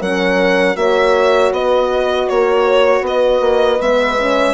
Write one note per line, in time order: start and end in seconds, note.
0.00 0.76 F#3
0.00 0.76 C#4
0.00 0.76 A#4
0.00 0.76 F#5
0.76 1.51 A#3
0.76 3.79 F#4
0.76 1.54 C#5
0.76 1.52 E5
1.51 2.27 B3
1.51 2.30 B4
1.51 2.29 D#5
2.29 3.01 A#3
2.29 2.66 A#4
2.29 3.05 C#5
2.66 3.04 C#5
3.01 3.39 B3
3.01 4.54 B4
3.01 3.81 D#5
3.41 3.78 A#3
3.81 4.54 G#3
3.81 4.18 B3
3.81 4.54 E5
4.18 4.54 C#4